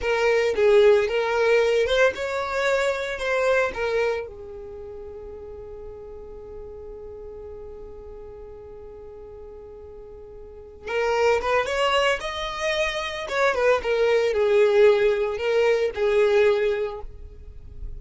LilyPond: \new Staff \with { instrumentName = "violin" } { \time 4/4 \tempo 4 = 113 ais'4 gis'4 ais'4. c''8 | cis''2 c''4 ais'4 | gis'1~ | gis'1~ |
gis'1~ | gis'8 ais'4 b'8 cis''4 dis''4~ | dis''4 cis''8 b'8 ais'4 gis'4~ | gis'4 ais'4 gis'2 | }